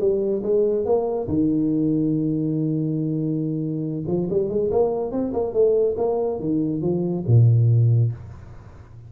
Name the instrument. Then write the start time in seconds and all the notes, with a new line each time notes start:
tuba
0.00 G3
0.43 G#3
0.85 A#3
1.28 D#3
4.07 F3
4.30 G3
4.49 G#3
4.71 A#3
5.11 C4
5.33 A#3
5.53 A3
5.97 A#3
6.39 D#3
6.81 F3
7.27 A#2